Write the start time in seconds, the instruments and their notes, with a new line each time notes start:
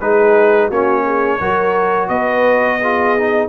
0.00 tuba G#3, trombone D#4, horn G#4, trumpet B4
0.67 tuba A#3, trombone C#4, horn F#4, trumpet C#5
1.04 horn G#4
1.40 tuba F#3, trombone F#4, horn A#4
2.08 tuba B3, horn B4, trumpet D#5
2.81 trombone F4, horn G#4
3.18 trombone D#4